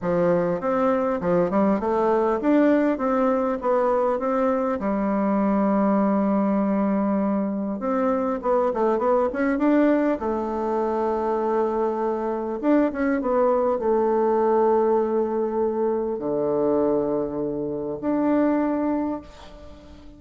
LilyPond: \new Staff \with { instrumentName = "bassoon" } { \time 4/4 \tempo 4 = 100 f4 c'4 f8 g8 a4 | d'4 c'4 b4 c'4 | g1~ | g4 c'4 b8 a8 b8 cis'8 |
d'4 a2.~ | a4 d'8 cis'8 b4 a4~ | a2. d4~ | d2 d'2 | }